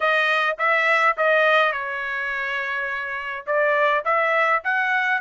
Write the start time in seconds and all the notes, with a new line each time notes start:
0.00 D#5
0.58 E5
1.17 D#5
1.72 C#5
3.46 D5
4.04 E5
4.64 F#5